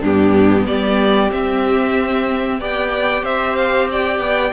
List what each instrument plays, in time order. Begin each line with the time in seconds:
0.00 cello G2, viola B3, violin D4 G4
0.66 cello G3, violin G4 D5
1.30 viola C4, cello C4, violin E5
2.60 cello B3, viola G4, violin D5 G5
3.23 cello C4, violin C5 E5
3.55 violin F5
3.91 violin D5 G5
4.19 cello B3